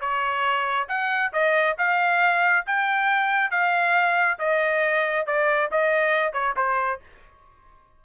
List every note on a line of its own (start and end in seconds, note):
0.00 0.88 C#5
0.88 1.32 F#5
1.33 1.76 D#5
1.78 2.66 F5
2.66 3.51 G5
3.51 4.38 F5
4.39 5.26 D#5
5.26 5.70 D5
5.71 6.33 D#5
6.33 6.55 C#5
6.56 7.00 C5